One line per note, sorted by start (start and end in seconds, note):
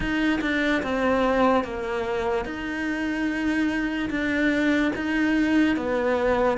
0.00 0.40 D#4
0.41 0.82 D4
0.82 1.64 C4
1.64 2.45 A#3
2.45 4.09 D#4
4.09 4.92 D4
4.95 5.76 D#4
5.76 6.58 B3